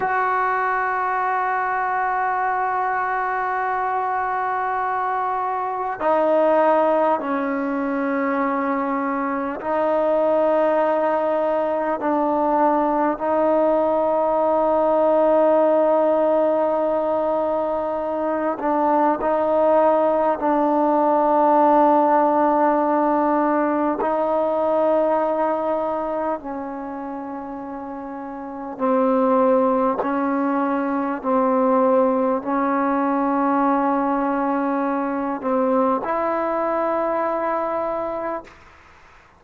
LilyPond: \new Staff \with { instrumentName = "trombone" } { \time 4/4 \tempo 4 = 50 fis'1~ | fis'4 dis'4 cis'2 | dis'2 d'4 dis'4~ | dis'2.~ dis'8 d'8 |
dis'4 d'2. | dis'2 cis'2 | c'4 cis'4 c'4 cis'4~ | cis'4. c'8 e'2 | }